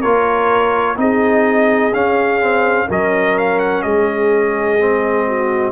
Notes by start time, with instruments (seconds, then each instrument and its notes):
0.00 tuba A#3, trombone F4, horn A#4, trumpet C#5
0.96 tuba C4, trombone D#4, horn G#4, trumpet D#5
1.93 tuba C#4, trombone C#4, trumpet F5
2.41 trombone C4
2.88 tuba F#3, trombone C#4, horn A#4, trumpet D#5
3.39 trumpet F5
3.59 trumpet F#5
3.83 tuba G#3, horn G#4, trumpet D#5
4.80 trombone C4
5.27 horn F#4